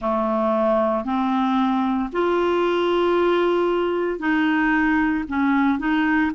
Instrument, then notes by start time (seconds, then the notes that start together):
clarinet
0.01 A3
1.04 C4
2.12 F4
4.19 D#4
5.28 C#4
5.78 D#4